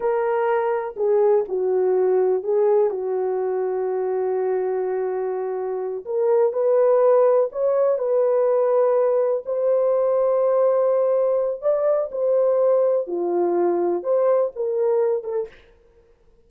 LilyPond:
\new Staff \with { instrumentName = "horn" } { \time 4/4 \tempo 4 = 124 ais'2 gis'4 fis'4~ | fis'4 gis'4 fis'2~ | fis'1~ | fis'8 ais'4 b'2 cis''8~ |
cis''8 b'2. c''8~ | c''1 | d''4 c''2 f'4~ | f'4 c''4 ais'4. a'8 | }